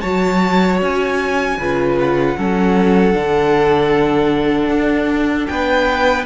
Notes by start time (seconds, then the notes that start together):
0.00 F#3 F#4 C#5 A5
0.81 C#4 G#5
1.58 C#3 F4 B4
1.99 F#5
2.37 F#3 C#4 A4
3.12 D3 D4
4.69 D4
5.46 B3 B4 G5